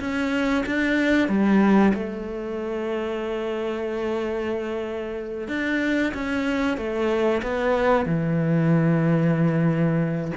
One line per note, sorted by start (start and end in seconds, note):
0.00 0.65 C#4
0.66 1.28 D4
1.28 1.93 G3
1.94 5.48 A3
5.48 6.13 D4
6.14 6.77 C#4
6.77 7.42 A3
7.43 8.06 B3
8.06 10.32 E3